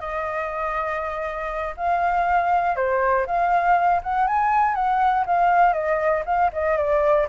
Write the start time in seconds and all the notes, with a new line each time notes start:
0.00 D#5
1.77 F5
2.76 C5
3.26 F5
4.03 F#5
4.27 G#5
4.75 F#5
5.26 F5
5.73 D#5
6.26 F5
6.53 D#5
6.77 D5